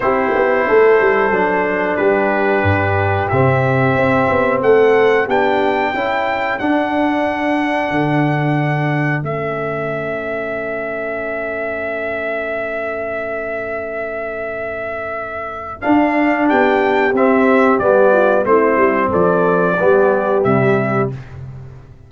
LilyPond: <<
  \new Staff \with { instrumentName = "trumpet" } { \time 4/4 \tempo 4 = 91 c''2. b'4~ | b'4 e''2 fis''4 | g''2 fis''2~ | fis''2 e''2~ |
e''1~ | e''1 | f''4 g''4 e''4 d''4 | c''4 d''2 e''4 | }
  \new Staff \with { instrumentName = "horn" } { \time 4/4 g'4 a'2 g'4~ | g'2. a'4 | g'4 a'2.~ | a'1~ |
a'1~ | a'1~ | a'4 g'2~ g'8 f'8 | e'4 a'4 g'2 | }
  \new Staff \with { instrumentName = "trombone" } { \time 4/4 e'2 d'2~ | d'4 c'2. | d'4 e'4 d'2~ | d'2 cis'2~ |
cis'1~ | cis'1 | d'2 c'4 b4 | c'2 b4 g4 | }
  \new Staff \with { instrumentName = "tuba" } { \time 4/4 c'8 b8 a8 g8 fis4 g4 | g,4 c4 c'8 b8 a4 | b4 cis'4 d'2 | d2 a2~ |
a1~ | a1 | d'4 b4 c'4 g4 | a8 g8 f4 g4 c4 | }
>>